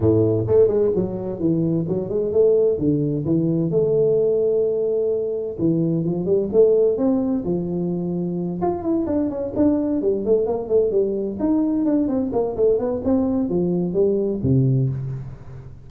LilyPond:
\new Staff \with { instrumentName = "tuba" } { \time 4/4 \tempo 4 = 129 a,4 a8 gis8 fis4 e4 | fis8 gis8 a4 d4 e4 | a1 | e4 f8 g8 a4 c'4 |
f2~ f8 f'8 e'8 d'8 | cis'8 d'4 g8 a8 ais8 a8 g8~ | g8 dis'4 d'8 c'8 ais8 a8 b8 | c'4 f4 g4 c4 | }